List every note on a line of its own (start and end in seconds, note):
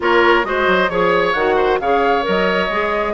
0.00 0.44 A#3
0.00 0.43 F4
0.00 0.46 A#4
0.00 0.44 C#5
0.43 0.66 G#3
0.43 0.89 F#4
0.43 0.90 C5
0.43 0.89 D#5
0.67 0.89 F#3
0.89 1.34 F3
0.89 1.34 G#4
0.89 1.33 C#5
0.89 1.56 C#5
1.33 1.79 D#3
1.33 1.81 F#4
1.33 1.78 F#5
1.56 1.78 C5
1.79 2.25 C#3
1.79 2.22 G#4
1.79 3.13 C#5
1.79 2.25 F5
2.22 2.69 F#3
2.22 2.67 A#4
2.22 3.13 D#5
2.69 3.13 G#3
2.69 3.13 G#4